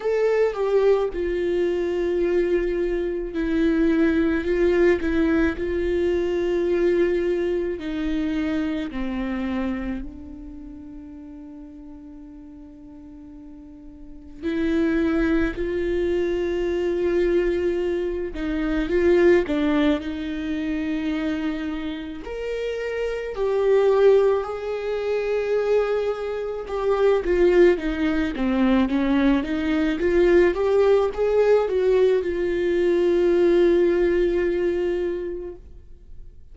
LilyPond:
\new Staff \with { instrumentName = "viola" } { \time 4/4 \tempo 4 = 54 a'8 g'8 f'2 e'4 | f'8 e'8 f'2 dis'4 | c'4 d'2.~ | d'4 e'4 f'2~ |
f'8 dis'8 f'8 d'8 dis'2 | ais'4 g'4 gis'2 | g'8 f'8 dis'8 c'8 cis'8 dis'8 f'8 g'8 | gis'8 fis'8 f'2. | }